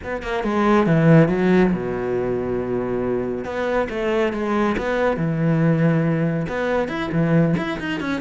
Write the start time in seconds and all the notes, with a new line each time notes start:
0.03 B3
0.22 A#3
0.43 G#3
0.86 E3
1.28 F#3
1.72 B2
3.44 B3
3.89 A3
4.32 G#3
4.77 B3
5.16 E3
6.48 B3
6.88 E4
7.11 E3
7.57 E4
7.79 D#4
8.00 C#4